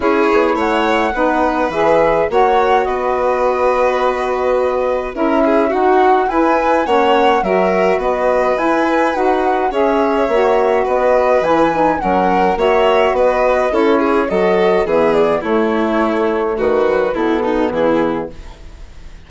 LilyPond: <<
  \new Staff \with { instrumentName = "flute" } { \time 4/4 \tempo 4 = 105 cis''4 fis''2 e''4 | fis''4 dis''2.~ | dis''4 e''4 fis''4 gis''4 | fis''4 e''4 dis''4 gis''4 |
fis''4 e''2 dis''4 | gis''4 fis''4 e''4 dis''4 | cis''4 dis''4 e''8 d''8 cis''4~ | cis''4 b'4 a'4 gis'4 | }
  \new Staff \with { instrumentName = "violin" } { \time 4/4 gis'4 cis''4 b'2 | cis''4 b'2.~ | b'4 ais'8 gis'8 fis'4 b'4 | cis''4 ais'4 b'2~ |
b'4 cis''2 b'4~ | b'4 ais'4 cis''4 b'4 | a'8 gis'8 a'4 gis'4 e'4~ | e'4 fis'4 e'8 dis'8 e'4 | }
  \new Staff \with { instrumentName = "saxophone" } { \time 4/4 e'2 dis'4 gis'4 | fis'1~ | fis'4 e'4 fis'4 e'4 | cis'4 fis'2 e'4 |
fis'4 gis'4 fis'2 | e'8 dis'8 cis'4 fis'2 | e'4 fis'4 b4 a4~ | a4. fis8 b2 | }
  \new Staff \with { instrumentName = "bassoon" } { \time 4/4 cis'8 b8 a4 b4 e4 | ais4 b2.~ | b4 cis'4 dis'4 e'4 | ais4 fis4 b4 e'4 |
dis'4 cis'4 ais4 b4 | e4 fis4 ais4 b4 | cis'4 fis4 e4 a4~ | a4 dis4 b,4 e4 | }
>>